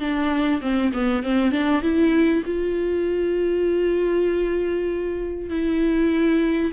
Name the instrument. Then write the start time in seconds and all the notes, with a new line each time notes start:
viola
0.00 D4
0.62 C4
0.93 B3
1.23 C4
1.52 D4
1.83 E4
2.46 F4
5.50 E4